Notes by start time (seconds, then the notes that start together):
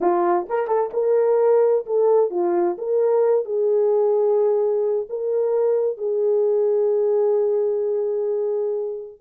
0.00 F4
0.49 A#4
0.67 A4
0.93 A#4
1.85 A4
2.30 F4
2.78 A#4
3.45 G#4
5.09 A#4
5.97 G#4